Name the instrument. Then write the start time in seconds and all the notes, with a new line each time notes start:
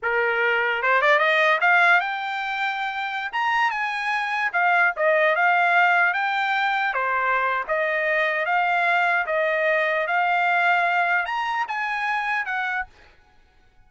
trumpet
0.02 A#4
0.82 C5
1.01 D5
1.18 D#5
1.61 F5
2.00 G5
3.32 A#5
3.70 G#5
4.52 F5
4.96 D#5
5.35 F5
6.13 G5
6.93 C5
7.67 D#5
8.45 F5
9.26 D#5
10.07 F5
11.25 A#5
11.68 G#5
12.45 F#5